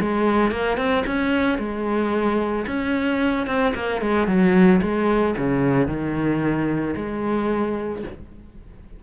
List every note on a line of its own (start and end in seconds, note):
0.00 0.51 G#3
0.51 0.77 A#3
0.77 1.04 C4
1.06 1.58 C#4
1.58 2.65 G#3
2.66 3.47 C#4
3.47 3.74 C4
3.74 4.01 A#3
4.01 4.27 G#3
4.27 4.81 F#3
4.81 5.35 G#3
5.37 5.87 C#3
5.87 6.94 D#3
6.96 8.03 G#3